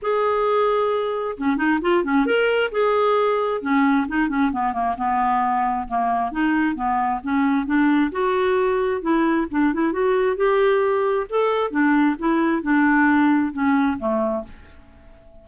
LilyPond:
\new Staff \with { instrumentName = "clarinet" } { \time 4/4 \tempo 4 = 133 gis'2. cis'8 dis'8 | f'8 cis'8 ais'4 gis'2 | cis'4 dis'8 cis'8 b8 ais8 b4~ | b4 ais4 dis'4 b4 |
cis'4 d'4 fis'2 | e'4 d'8 e'8 fis'4 g'4~ | g'4 a'4 d'4 e'4 | d'2 cis'4 a4 | }